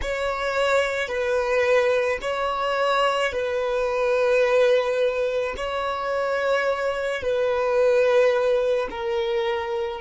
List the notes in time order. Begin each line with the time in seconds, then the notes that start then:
0.01 C#5
1.08 B4
2.21 C#5
3.32 B4
5.57 C#5
7.22 B4
8.90 A#4